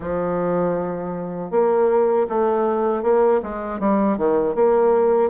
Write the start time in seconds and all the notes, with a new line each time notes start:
0.00 F3
1.51 A#3
2.29 A3
3.02 A#3
3.42 G#3
3.79 G3
4.17 D#3
4.55 A#3